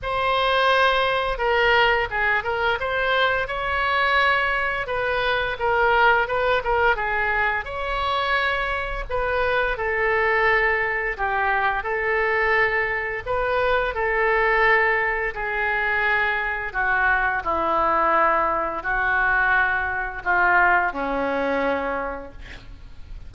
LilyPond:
\new Staff \with { instrumentName = "oboe" } { \time 4/4 \tempo 4 = 86 c''2 ais'4 gis'8 ais'8 | c''4 cis''2 b'4 | ais'4 b'8 ais'8 gis'4 cis''4~ | cis''4 b'4 a'2 |
g'4 a'2 b'4 | a'2 gis'2 | fis'4 e'2 fis'4~ | fis'4 f'4 cis'2 | }